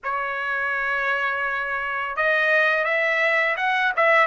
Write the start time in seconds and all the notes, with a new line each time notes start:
0.03 C#5
2.16 D#5
2.84 E5
3.56 F#5
3.96 E5